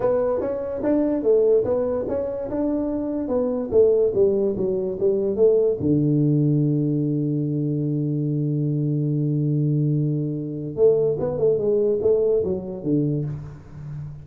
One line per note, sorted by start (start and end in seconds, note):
0.00 0.40 B3
0.40 0.81 C#4
0.83 1.22 D4
1.22 1.64 A3
1.64 2.05 B3
2.08 2.49 C#4
2.50 3.28 D4
3.28 3.69 B3
3.71 4.12 A3
4.14 4.55 G3
4.56 4.98 F#3
4.99 5.35 G3
5.35 5.77 A3
5.80 10.75 D3
10.75 11.17 A3
11.19 11.37 B3
11.37 11.57 A3
11.57 11.99 G#3
12.01 12.43 A3
12.44 12.83 F#3
12.83 13.24 D3